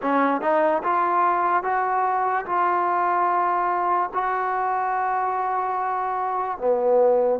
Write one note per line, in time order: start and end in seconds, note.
0.02 0.41 C#4
0.41 0.82 D#4
0.83 1.63 F4
1.63 2.45 F#4
2.45 4.09 F4
4.13 6.58 F#4
6.58 7.40 B3